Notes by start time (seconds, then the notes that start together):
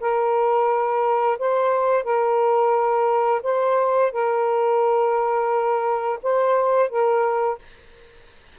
0.00 A#4
1.38 C5
2.03 A#4
3.43 C5
4.12 A#4
6.23 C5
6.89 A#4